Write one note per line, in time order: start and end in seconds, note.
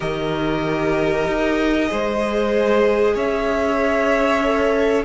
0.00 1.27 D#3
0.00 1.87 G4
0.00 1.90 A#4
0.00 3.16 D#5
1.27 1.90 D#4
1.87 3.15 G#3
1.87 4.39 G#4
1.87 3.14 C5
3.14 5.05 C#4
3.14 5.04 C#5
3.14 5.05 E5
4.43 5.05 A4